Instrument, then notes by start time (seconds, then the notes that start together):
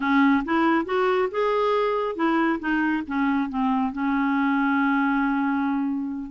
clarinet
0.00 C#4
0.44 E4
0.85 F#4
1.31 G#4
2.15 E4
2.59 D#4
3.07 C#4
3.49 C4
3.92 C#4